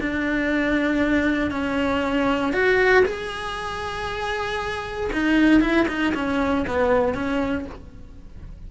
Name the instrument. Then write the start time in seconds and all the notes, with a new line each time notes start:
cello
0.00 D4
1.50 C#4
2.53 F#4
3.05 G#4
5.13 D#4
5.61 E4
5.88 D#4
6.14 C#4
6.67 B3
7.14 C#4